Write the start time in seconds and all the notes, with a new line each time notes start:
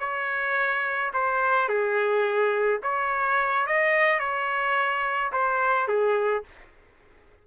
0.00 C#5
1.14 C5
1.69 G#4
2.83 C#5
3.67 D#5
4.20 C#5
5.32 C5
5.88 G#4